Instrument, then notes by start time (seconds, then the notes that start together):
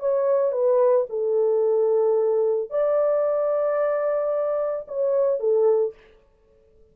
horn
0.00 C#5
0.52 B4
1.10 A4
2.70 D5
4.88 C#5
5.40 A4